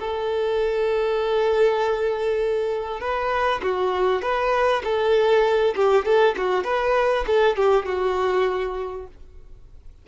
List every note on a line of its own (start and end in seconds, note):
0.00 3.01 A4
3.01 3.62 B4
3.63 4.22 F#4
4.22 4.83 B4
4.84 5.75 A4
5.76 6.06 G4
6.06 6.36 A4
6.38 6.64 F#4
6.64 7.25 B4
7.27 7.57 A4
7.57 7.86 G4
7.86 9.07 F#4